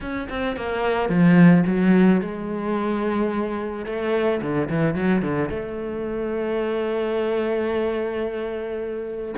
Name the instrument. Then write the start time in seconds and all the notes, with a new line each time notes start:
cello
0.01 C#4
0.29 C4
0.56 A#3
1.09 F3
1.66 F#3
2.21 G#3
3.85 A3
4.41 D3
4.69 E3
4.94 F#3
5.22 D3
5.49 A3